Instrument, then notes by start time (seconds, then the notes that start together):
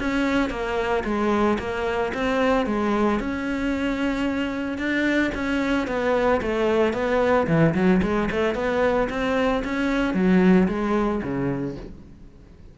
cello
0.00 C#4
0.50 A#3
1.05 G#3
1.59 A#3
2.15 C4
2.66 G#3
3.20 C#4
4.78 D4
5.35 C#4
5.88 B3
6.42 A3
6.94 B3
7.48 E3
7.75 F#3
8.03 G#3
8.32 A3
8.55 B3
9.10 C4
9.65 C#4
10.14 F#3
10.69 G#3
11.23 C#3